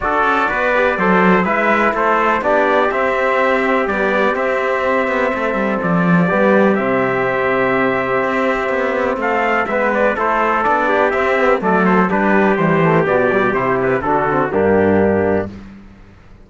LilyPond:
<<
  \new Staff \with { instrumentName = "trumpet" } { \time 4/4 \tempo 4 = 124 d''2. e''4 | c''4 d''4 e''2 | d''4 e''2. | d''2 e''2~ |
e''2. f''4 | e''8 d''8 c''4 d''4 e''4 | d''8 c''8 b'4 c''4 d''4 | c''8 b'8 a'4 g'2 | }
  \new Staff \with { instrumentName = "trumpet" } { \time 4/4 a'4 b'4 c''4 b'4 | a'4 g'2.~ | g'2. a'4~ | a'4 g'2.~ |
g'2. a'4 | b'4 a'4. g'4. | a'4 g'2.~ | g'4 fis'4 d'2 | }
  \new Staff \with { instrumentName = "trombone" } { \time 4/4 fis'4. g'8 a'4 e'4~ | e'4 d'4 c'2 | g4 c'2.~ | c'4 b4 c'2~ |
c'1 | b4 e'4 d'4 c'8 b8 | a4 d'4 g8 a8 b8 g8 | e'4 d'8 c'8 ais2 | }
  \new Staff \with { instrumentName = "cello" } { \time 4/4 d'8 cis'8 b4 fis4 gis4 | a4 b4 c'2 | b4 c'4. b8 a8 g8 | f4 g4 c2~ |
c4 c'4 b4 a4 | gis4 a4 b4 c'4 | fis4 g4 e4 b,4 | c4 d4 g,2 | }
>>